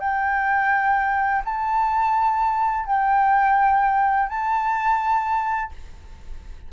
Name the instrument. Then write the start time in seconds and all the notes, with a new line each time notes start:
flute
0.00 G5
1.45 A5
2.86 G5
4.29 A5